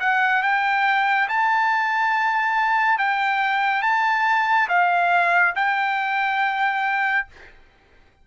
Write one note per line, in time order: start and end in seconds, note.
0.00 0.43 F#5
0.43 1.29 G5
1.29 2.98 A5
2.98 3.83 G5
3.83 4.68 A5
4.69 5.55 F5
5.56 7.27 G5